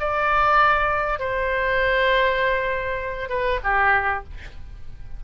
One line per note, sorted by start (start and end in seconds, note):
0.00 1.20 D5
1.20 3.30 C5
3.30 3.60 B4
3.64 4.25 G4